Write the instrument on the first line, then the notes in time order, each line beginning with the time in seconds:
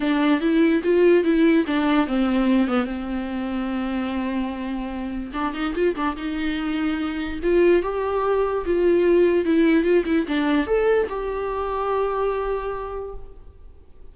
viola
0.00 D4
0.41 E4
0.83 F4
1.24 E4
1.66 D4
2.07 C4
2.67 B3
2.85 C4
5.33 D4
5.53 D#4
5.74 F4
5.95 D4
6.16 D#4
7.42 F4
7.82 G4
8.65 F4
9.45 E4
9.83 F4
10.05 E4
10.27 D4
10.66 A4
11.09 G4